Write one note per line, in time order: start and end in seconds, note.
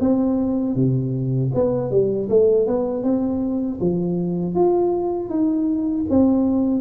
0.00 0.75 C4
0.75 1.51 C3
1.54 1.91 B3
1.91 2.29 G3
2.29 2.67 A3
2.67 3.03 B3
3.03 3.79 C4
3.80 4.55 F3
4.55 5.29 F4
5.29 6.05 D#4
6.09 6.81 C4